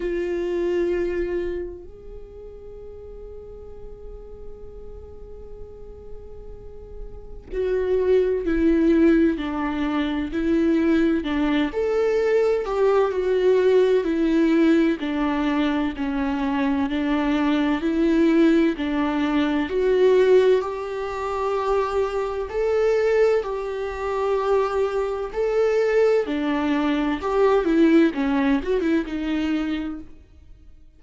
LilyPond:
\new Staff \with { instrumentName = "viola" } { \time 4/4 \tempo 4 = 64 f'2 gis'2~ | gis'1 | fis'4 e'4 d'4 e'4 | d'8 a'4 g'8 fis'4 e'4 |
d'4 cis'4 d'4 e'4 | d'4 fis'4 g'2 | a'4 g'2 a'4 | d'4 g'8 e'8 cis'8 fis'16 e'16 dis'4 | }